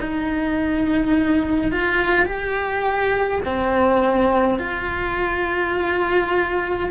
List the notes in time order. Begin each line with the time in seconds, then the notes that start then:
0.00 D#4
1.71 F4
2.25 G4
3.45 C4
4.58 F4